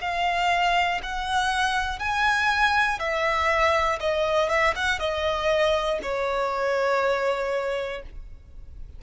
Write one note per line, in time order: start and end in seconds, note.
0.00 1.00 F5
1.02 1.99 F#5
1.99 2.99 G#5
2.99 3.99 E5
4.00 4.49 D#5
4.49 4.74 E5
4.75 4.99 F#5
4.99 5.99 D#5
6.02 8.02 C#5